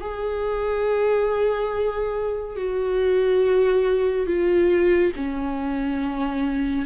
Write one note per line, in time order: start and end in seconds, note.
0.00 2.56 G#4
2.56 4.26 F#4
4.26 5.12 F4
5.16 6.85 C#4